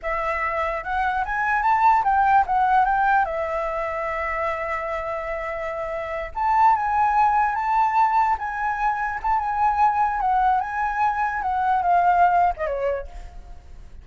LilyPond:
\new Staff \with { instrumentName = "flute" } { \time 4/4 \tempo 4 = 147 e''2 fis''4 gis''4 | a''4 g''4 fis''4 g''4 | e''1~ | e''2.~ e''8 a''8~ |
a''8 gis''2 a''4.~ | a''8 gis''2 a''8 gis''4~ | gis''4 fis''4 gis''2 | fis''4 f''4.~ f''16 dis''16 cis''4 | }